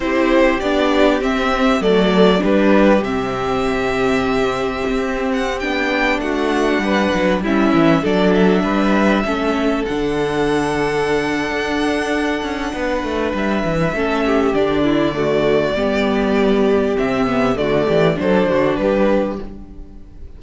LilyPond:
<<
  \new Staff \with { instrumentName = "violin" } { \time 4/4 \tempo 4 = 99 c''4 d''4 e''4 d''4 | b'4 e''2.~ | e''8. fis''8 g''4 fis''4.~ fis''16~ | fis''16 e''4 d''8 e''2~ e''16~ |
e''16 fis''2.~ fis''8.~ | fis''2 e''2 | d''1 | e''4 d''4 c''4 b'4 | }
  \new Staff \with { instrumentName = "violin" } { \time 4/4 g'2. a'4 | g'1~ | g'2~ g'16 fis'4 b'8.~ | b'16 e'4 a'4 b'4 a'8.~ |
a'1~ | a'4 b'2 a'8 g'8~ | g'8 e'8 fis'4 g'2~ | g'4 fis'8 g'8 a'8 fis'8 g'4 | }
  \new Staff \with { instrumentName = "viola" } { \time 4/4 e'4 d'4 c'4 a4 | d'4 c'2.~ | c'4~ c'16 d'2~ d'8.~ | d'16 cis'4 d'2 cis'8.~ |
cis'16 d'2.~ d'8.~ | d'2. cis'4 | d'4 a4 b2 | c'8 b8 a4 d'2 | }
  \new Staff \with { instrumentName = "cello" } { \time 4/4 c'4 b4 c'4 fis4 | g4 c2. | c'4~ c'16 b4 a4 g8 fis16~ | fis16 g8 e8 fis4 g4 a8.~ |
a16 d2~ d8. d'4~ | d'8 cis'8 b8 a8 g8 e8 a4 | d2 g2 | c4 d8 e8 fis8 d8 g4 | }
>>